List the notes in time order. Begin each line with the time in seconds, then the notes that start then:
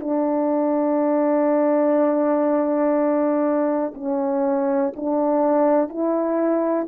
0.00 D4
3.94 C#4
4.96 D4
5.89 E4